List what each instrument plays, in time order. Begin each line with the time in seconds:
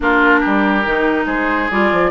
0.00 bassoon A#3, clarinet D4, oboe F4, flute A#4
0.40 bassoon G3, oboe G4
0.84 bassoon D#3, clarinet D#4
1.26 bassoon G#3, oboe G#4, flute C5
1.70 bassoon G3, clarinet F4, flute D5
1.92 bassoon F3